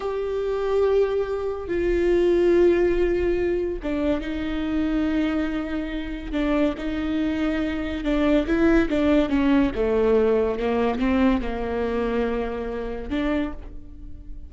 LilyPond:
\new Staff \with { instrumentName = "viola" } { \time 4/4 \tempo 4 = 142 g'1 | f'1~ | f'4 d'4 dis'2~ | dis'2. d'4 |
dis'2. d'4 | e'4 d'4 cis'4 a4~ | a4 ais4 c'4 ais4~ | ais2. d'4 | }